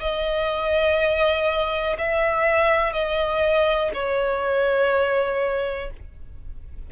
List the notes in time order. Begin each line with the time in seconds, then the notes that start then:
0.00 D#5
1.98 E5
2.93 D#5
3.93 C#5